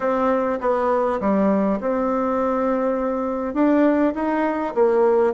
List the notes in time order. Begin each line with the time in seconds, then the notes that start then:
0.00 C4
0.60 B3
1.20 G3
1.80 C4
3.53 D4
4.14 D#4
4.74 A#3